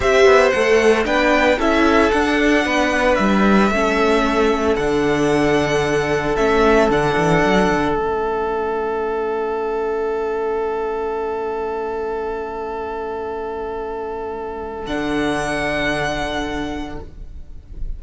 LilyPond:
<<
  \new Staff \with { instrumentName = "violin" } { \time 4/4 \tempo 4 = 113 e''4 fis''4 g''4 e''4 | fis''2 e''2~ | e''4 fis''2. | e''4 fis''2 e''4~ |
e''1~ | e''1~ | e''1 | fis''1 | }
  \new Staff \with { instrumentName = "violin" } { \time 4/4 c''2 b'4 a'4~ | a'4 b'2 a'4~ | a'1~ | a'1~ |
a'1~ | a'1~ | a'1~ | a'1 | }
  \new Staff \with { instrumentName = "viola" } { \time 4/4 g'4 a'4 d'4 e'4 | d'2. cis'4~ | cis'4 d'2. | cis'4 d'2 cis'4~ |
cis'1~ | cis'1~ | cis'1 | d'1 | }
  \new Staff \with { instrumentName = "cello" } { \time 4/4 c'8 b8 a4 b4 cis'4 | d'4 b4 g4 a4~ | a4 d2. | a4 d8 e8 fis8 d8 a4~ |
a1~ | a1~ | a1 | d1 | }
>>